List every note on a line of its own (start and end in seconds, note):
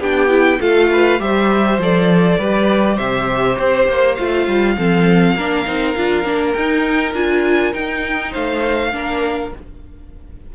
0.00 0.59 B3
0.00 0.29 D4
0.00 0.60 G4
0.00 0.62 G5
0.29 0.59 E4
0.61 1.20 A3
0.61 1.19 F4
0.61 0.91 A4
0.61 1.21 F5
0.92 1.22 B4
1.19 1.78 G3
1.19 1.79 G4
1.19 2.39 C5
1.19 1.80 E5
1.78 2.38 F3
1.78 2.41 A4
1.78 2.98 D5
2.39 2.99 G3
2.39 4.18 G4
2.39 2.96 B4
2.96 3.59 C3
2.96 4.74 C5
2.96 3.58 E5
3.58 3.88 C4
3.58 4.15 C5
3.88 4.18 A#3
4.15 4.48 A3
4.15 4.77 F4
4.15 6.53 F5
4.48 4.78 G3
4.78 5.36 F3
4.78 5.38 C4
4.78 5.36 A4
5.36 5.66 A#3
5.36 5.66 D4
5.36 8.31 A#4
5.66 5.97 C4
5.66 5.96 D#4
5.97 6.25 D4
5.97 6.25 F4
6.25 6.54 A#3
6.25 6.55 D4
6.54 7.14 D#4
6.54 7.13 G5
7.14 7.73 D4
7.14 7.73 F4
7.14 7.74 G#5
7.73 8.91 D#4
7.73 8.35 D#4
7.73 8.33 G5
8.31 8.93 A3
8.31 8.91 C5
8.31 9.53 F5
8.92 9.53 A#3
8.92 9.52 D4
8.92 9.55 A#4